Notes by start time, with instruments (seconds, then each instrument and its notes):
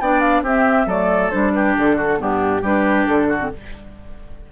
0.00 bassoon B3, clarinet D4, oboe D5, flute G5
0.20 flute F5
0.42 bassoon C4, clarinet C4, oboe G4, flute E5
0.86 bassoon F#3, clarinet A3, oboe A4, flute D5
1.30 bassoon G3, clarinet D4, flute C5
1.53 oboe G4, flute B4
1.77 bassoon D3, flute A4
1.96 oboe F#4
2.17 bassoon G2, clarinet B3, oboe D4, flute G4
2.61 bassoon G3, clarinet D4, oboe G4, flute B4
3.07 bassoon D3, flute A4
3.29 oboe F#4
3.39 clarinet C4